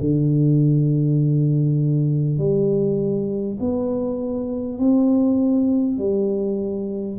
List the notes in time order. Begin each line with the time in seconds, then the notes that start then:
0.00 D3
2.38 G3
3.60 B3
4.78 C4
5.98 G3